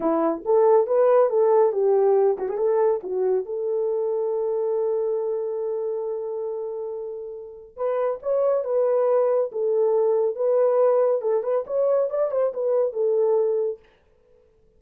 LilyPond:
\new Staff \with { instrumentName = "horn" } { \time 4/4 \tempo 4 = 139 e'4 a'4 b'4 a'4 | g'4. fis'16 gis'16 a'4 fis'4 | a'1~ | a'1~ |
a'2 b'4 cis''4 | b'2 a'2 | b'2 a'8 b'8 cis''4 | d''8 c''8 b'4 a'2 | }